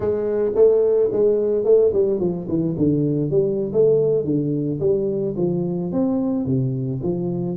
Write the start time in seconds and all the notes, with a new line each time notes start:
0.00 G#3
0.55 A3
1.12 G#3
1.64 A3
1.93 G3
2.19 F3
2.48 E3
2.77 D3
3.30 G3
3.72 A3
4.24 D3
4.80 G3
5.36 F3
5.92 C4
6.45 C3
7.02 F3